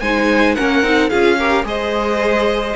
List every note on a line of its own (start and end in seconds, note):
0.00 0.56 G#3
0.00 0.58 D#4
0.00 0.56 C5
0.00 0.55 G#5
0.55 0.82 A#3
0.55 0.83 C#4
0.55 1.10 A#4
0.55 1.09 F#5
0.82 1.10 C4
0.82 1.11 D#4
1.09 1.64 C#4
1.09 1.39 F4
1.09 1.38 G#4
1.09 1.64 F5
1.38 1.64 G4
1.38 1.65 A#4
1.64 2.74 G#3
1.64 2.74 G#4
1.64 2.76 C5
1.64 2.76 D#5